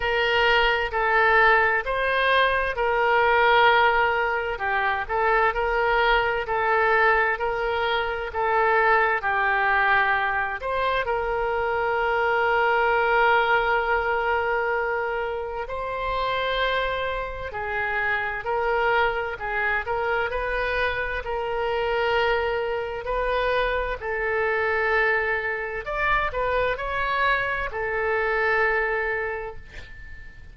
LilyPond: \new Staff \with { instrumentName = "oboe" } { \time 4/4 \tempo 4 = 65 ais'4 a'4 c''4 ais'4~ | ais'4 g'8 a'8 ais'4 a'4 | ais'4 a'4 g'4. c''8 | ais'1~ |
ais'4 c''2 gis'4 | ais'4 gis'8 ais'8 b'4 ais'4~ | ais'4 b'4 a'2 | d''8 b'8 cis''4 a'2 | }